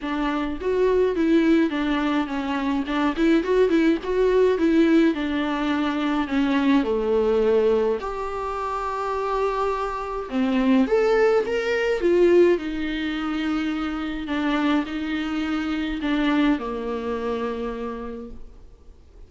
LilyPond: \new Staff \with { instrumentName = "viola" } { \time 4/4 \tempo 4 = 105 d'4 fis'4 e'4 d'4 | cis'4 d'8 e'8 fis'8 e'8 fis'4 | e'4 d'2 cis'4 | a2 g'2~ |
g'2 c'4 a'4 | ais'4 f'4 dis'2~ | dis'4 d'4 dis'2 | d'4 ais2. | }